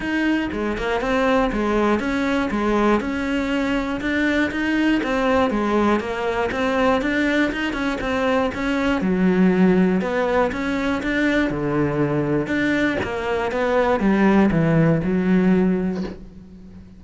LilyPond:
\new Staff \with { instrumentName = "cello" } { \time 4/4 \tempo 4 = 120 dis'4 gis8 ais8 c'4 gis4 | cis'4 gis4 cis'2 | d'4 dis'4 c'4 gis4 | ais4 c'4 d'4 dis'8 cis'8 |
c'4 cis'4 fis2 | b4 cis'4 d'4 d4~ | d4 d'4 ais4 b4 | g4 e4 fis2 | }